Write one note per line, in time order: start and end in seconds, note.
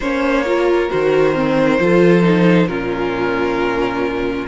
0.00 0.90 A#3
0.00 0.45 C#4
0.00 0.45 C5
0.00 0.90 C#5
0.45 0.89 F4
0.45 1.81 A#4
0.89 1.80 D#3
0.89 1.34 F#4
0.89 2.67 C5
1.34 1.79 C4
1.79 2.67 F3
1.79 2.22 F4
1.79 2.69 A4
2.22 2.67 D#4
2.67 4.46 A#2
2.67 4.47 C#4
2.67 4.47 F4
2.67 4.46 A#4